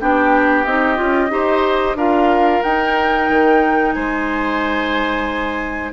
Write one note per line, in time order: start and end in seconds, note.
0.00 0.66 B3
0.00 0.66 D4
0.00 1.32 G4
0.00 0.64 G5
0.64 0.99 C4
0.64 0.96 D#4
0.64 1.96 D#5
0.96 1.30 C#4
0.96 1.29 F4
1.30 1.95 D#4
1.30 1.96 G4
1.30 1.97 C5
1.95 2.61 D4
1.95 2.64 F4
1.95 3.95 A#4
1.95 2.63 F5
2.63 3.30 D#4
2.63 5.93 D#4
2.63 3.93 G5
3.30 3.96 D#3
3.93 5.93 G#3
3.93 5.93 C5
3.93 5.91 G#5